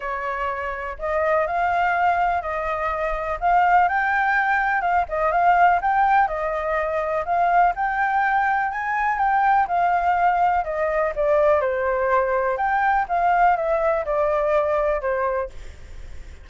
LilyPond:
\new Staff \with { instrumentName = "flute" } { \time 4/4 \tempo 4 = 124 cis''2 dis''4 f''4~ | f''4 dis''2 f''4 | g''2 f''8 dis''8 f''4 | g''4 dis''2 f''4 |
g''2 gis''4 g''4 | f''2 dis''4 d''4 | c''2 g''4 f''4 | e''4 d''2 c''4 | }